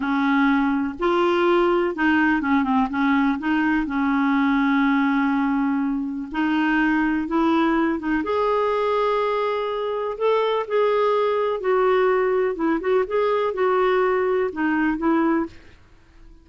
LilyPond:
\new Staff \with { instrumentName = "clarinet" } { \time 4/4 \tempo 4 = 124 cis'2 f'2 | dis'4 cis'8 c'8 cis'4 dis'4 | cis'1~ | cis'4 dis'2 e'4~ |
e'8 dis'8 gis'2.~ | gis'4 a'4 gis'2 | fis'2 e'8 fis'8 gis'4 | fis'2 dis'4 e'4 | }